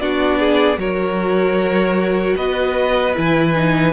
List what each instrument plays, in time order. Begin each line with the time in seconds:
0.00 cello B3, viola D4, violin F#4 D5
0.39 violin G#4
0.77 cello F#3, viola F#4, violin A#4 C#5
2.37 cello B3, violin B4 D#5
3.15 cello E3, viola E4, violin G#5
3.55 viola D#4